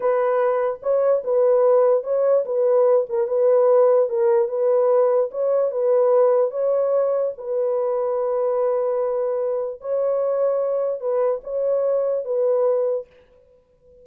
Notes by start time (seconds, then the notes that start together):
0.00 B4
0.82 C#5
1.24 B4
2.03 C#5
2.45 B4
3.09 A#4
3.27 B4
4.09 A#4
4.48 B4
5.31 C#5
5.71 B4
6.50 C#5
7.37 B4
9.80 C#5
11.00 B4
11.43 C#5
12.24 B4